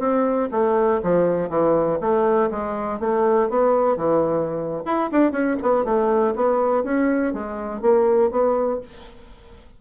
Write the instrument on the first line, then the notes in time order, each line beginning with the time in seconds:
bassoon
0.00 C4
0.52 A3
1.04 F3
1.50 E3
2.01 A3
2.51 G#3
3.00 A3
3.50 B3
3.97 E3
4.86 E4
5.12 D4
5.32 C#4
5.63 B3
5.85 A3
6.36 B3
6.84 C#4
7.34 G#3
7.82 A#3
8.32 B3